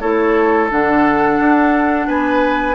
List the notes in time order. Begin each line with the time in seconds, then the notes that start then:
0.00 A3 E4 A4 C#5
0.70 D3 D4 F#5
1.39 D4
2.07 B3 B4 G#5